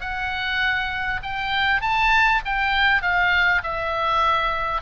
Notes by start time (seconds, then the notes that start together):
0.00 F#5
1.22 G5
1.81 A5
2.45 G5
3.02 F5
3.63 E5